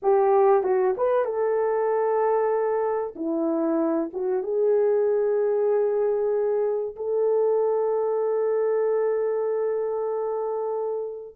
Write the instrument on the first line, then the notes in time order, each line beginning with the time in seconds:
horn
0.02 G4
0.63 F#4
0.97 B4
1.25 A4
3.15 E4
4.13 F#4
4.43 G#4
6.96 A4